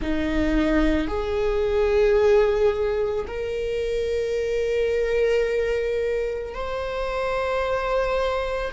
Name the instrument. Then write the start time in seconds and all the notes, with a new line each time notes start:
viola
0.01 D#4
1.07 G#4
3.27 A#4
6.54 C5